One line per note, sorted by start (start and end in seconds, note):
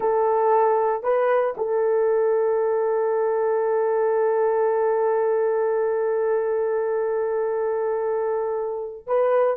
0.00 1.03 A4
1.03 1.54 B4
1.57 9.06 A4
9.06 9.56 B4